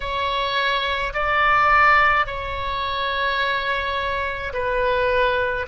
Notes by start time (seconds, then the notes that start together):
0.00 C#5
1.13 D5
2.26 C#5
4.53 B4